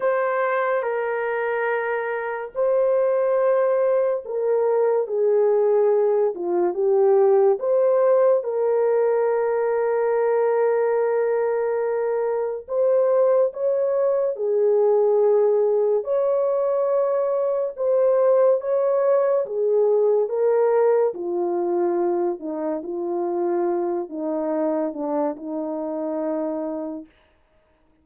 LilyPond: \new Staff \with { instrumentName = "horn" } { \time 4/4 \tempo 4 = 71 c''4 ais'2 c''4~ | c''4 ais'4 gis'4. f'8 | g'4 c''4 ais'2~ | ais'2. c''4 |
cis''4 gis'2 cis''4~ | cis''4 c''4 cis''4 gis'4 | ais'4 f'4. dis'8 f'4~ | f'8 dis'4 d'8 dis'2 | }